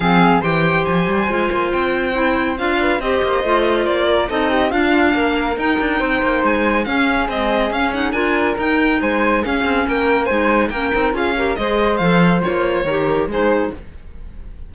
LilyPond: <<
  \new Staff \with { instrumentName = "violin" } { \time 4/4 \tempo 4 = 140 f''4 g''4 gis''2 | g''2 f''4 dis''4~ | dis''4 d''4 dis''4 f''4~ | f''4 g''2 gis''4 |
f''4 dis''4 f''8 fis''8 gis''4 | g''4 gis''4 f''4 g''4 | gis''4 g''4 f''4 dis''4 | f''4 cis''2 c''4 | }
  \new Staff \with { instrumentName = "flute" } { \time 4/4 gis'4 c''2.~ | c''2~ c''8 b'8 c''4~ | c''4. ais'8 a'8 g'8 f'4 | ais'2 c''2 |
gis'2. ais'4~ | ais'4 c''4 gis'4 ais'4 | c''4 ais'4 gis'8 ais'8 c''4~ | c''2 ais'4 gis'4 | }
  \new Staff \with { instrumentName = "clarinet" } { \time 4/4 c'4 g'2 f'4~ | f'4 e'4 f'4 g'4 | f'2 dis'4 d'4~ | d'4 dis'2. |
cis'4 gis4 cis'8 dis'8 f'4 | dis'2 cis'2 | dis'4 cis'8 dis'8 f'8 g'8 gis'4 | a'4 f'4 g'4 dis'4 | }
  \new Staff \with { instrumentName = "cello" } { \time 4/4 f4 e4 f8 g8 gis8 ais8 | c'2 d'4 c'8 ais8 | a4 ais4 c'4 d'4 | ais4 dis'8 d'8 c'8 ais8 gis4 |
cis'4 c'4 cis'4 d'4 | dis'4 gis4 cis'8 c'8 ais4 | gis4 ais8 c'8 cis'4 gis4 | f4 ais4 dis4 gis4 | }
>>